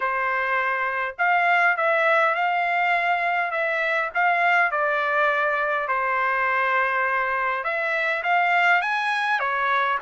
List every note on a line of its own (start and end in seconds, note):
0.00 1.15 C5
1.18 1.76 F5
1.76 2.34 E5
2.34 3.51 F5
3.51 4.09 E5
4.14 4.71 F5
4.71 5.88 D5
5.88 7.64 C5
7.64 8.22 E5
8.23 8.81 F5
8.81 9.39 G#5
9.39 9.98 C#5